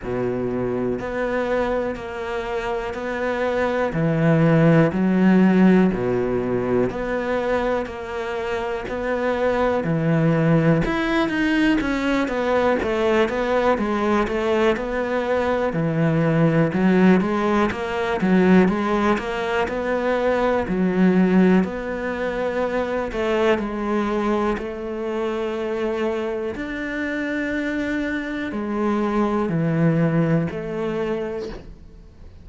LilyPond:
\new Staff \with { instrumentName = "cello" } { \time 4/4 \tempo 4 = 61 b,4 b4 ais4 b4 | e4 fis4 b,4 b4 | ais4 b4 e4 e'8 dis'8 | cis'8 b8 a8 b8 gis8 a8 b4 |
e4 fis8 gis8 ais8 fis8 gis8 ais8 | b4 fis4 b4. a8 | gis4 a2 d'4~ | d'4 gis4 e4 a4 | }